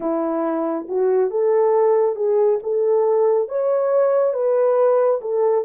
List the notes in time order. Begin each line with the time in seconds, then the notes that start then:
0.00 E4
0.88 F#4
1.30 A4
2.15 G#4
2.62 A4
3.48 C#5
4.33 B4
5.21 A4